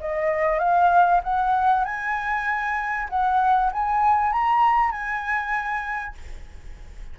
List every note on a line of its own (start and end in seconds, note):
0.00 0.59 D#5
0.59 1.21 F5
1.23 1.85 F#5
1.85 3.08 G#5
3.10 3.71 F#5
3.72 4.32 G#5
4.32 4.91 A#5
4.91 6.15 G#5